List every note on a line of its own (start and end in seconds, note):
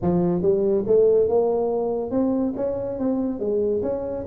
0.02 0.42 F3
0.42 0.84 G3
0.86 1.28 A3
1.28 2.10 A#3
2.10 2.53 C4
2.56 2.98 C#4
2.98 3.39 C4
3.39 3.82 G#3
3.82 4.25 C#4